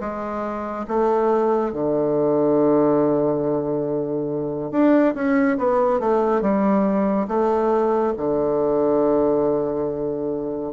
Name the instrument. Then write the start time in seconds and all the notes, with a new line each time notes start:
bassoon
0.00 G#3
0.88 A3
1.73 D3
4.71 D4
5.14 C#4
5.58 B3
6.00 A3
6.41 G3
7.28 A3
8.17 D3